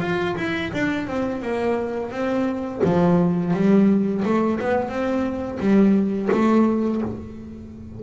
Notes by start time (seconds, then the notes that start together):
0.00 F4
0.36 E4
0.73 D4
1.07 C4
1.41 A#3
2.11 C4
2.84 F3
3.53 G3
4.24 A3
4.60 B3
4.88 C4
5.59 G3
6.31 A3